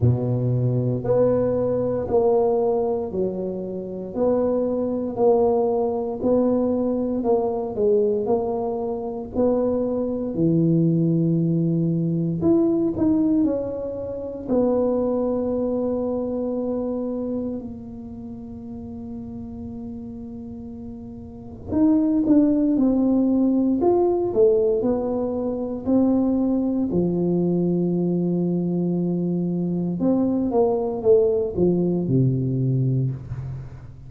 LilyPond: \new Staff \with { instrumentName = "tuba" } { \time 4/4 \tempo 4 = 58 b,4 b4 ais4 fis4 | b4 ais4 b4 ais8 gis8 | ais4 b4 e2 | e'8 dis'8 cis'4 b2~ |
b4 ais2.~ | ais4 dis'8 d'8 c'4 f'8 a8 | b4 c'4 f2~ | f4 c'8 ais8 a8 f8 c4 | }